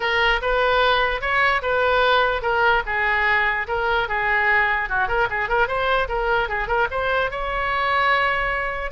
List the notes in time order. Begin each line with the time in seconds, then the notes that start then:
0.00 A#4
0.41 B4
1.21 C#5
1.62 B4
2.42 A#4
2.86 G#4
3.67 A#4
4.08 G#4
4.89 F#4
5.07 A#4
5.29 G#4
5.48 A#4
5.67 C5
6.08 A#4
6.48 G#4
6.67 A#4
6.90 C5
7.30 C#5